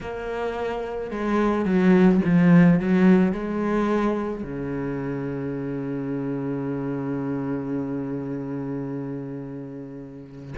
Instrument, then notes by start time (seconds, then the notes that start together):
cello
0.00 A#3
1.11 G#3
1.65 F#3
2.24 F3
2.79 F#3
3.32 G#3
4.43 C#3